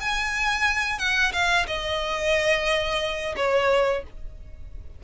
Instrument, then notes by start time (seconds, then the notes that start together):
violin
0.00 G#5
0.98 F#5
1.33 F5
1.67 D#5
3.36 C#5